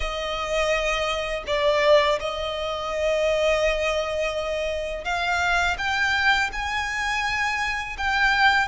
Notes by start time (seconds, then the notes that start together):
0.00 D#5
1.46 D5
2.19 D#5
5.04 F5
5.78 G5
6.52 G#5
7.97 G5